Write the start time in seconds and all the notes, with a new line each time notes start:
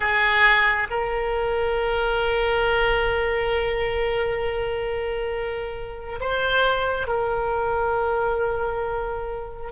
0.00 G#4
0.90 A#4
6.20 C5
7.07 A#4